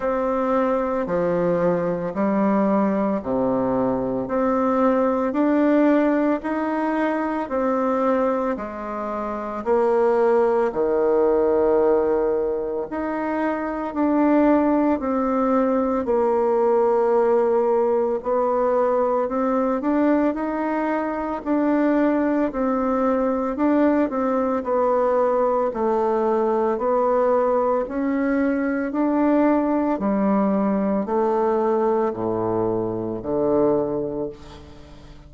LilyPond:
\new Staff \with { instrumentName = "bassoon" } { \time 4/4 \tempo 4 = 56 c'4 f4 g4 c4 | c'4 d'4 dis'4 c'4 | gis4 ais4 dis2 | dis'4 d'4 c'4 ais4~ |
ais4 b4 c'8 d'8 dis'4 | d'4 c'4 d'8 c'8 b4 | a4 b4 cis'4 d'4 | g4 a4 a,4 d4 | }